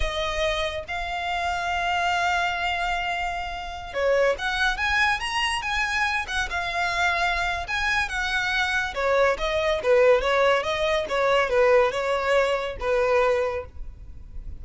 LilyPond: \new Staff \with { instrumentName = "violin" } { \time 4/4 \tempo 4 = 141 dis''2 f''2~ | f''1~ | f''4~ f''16 cis''4 fis''4 gis''8.~ | gis''16 ais''4 gis''4. fis''8 f''8.~ |
f''2 gis''4 fis''4~ | fis''4 cis''4 dis''4 b'4 | cis''4 dis''4 cis''4 b'4 | cis''2 b'2 | }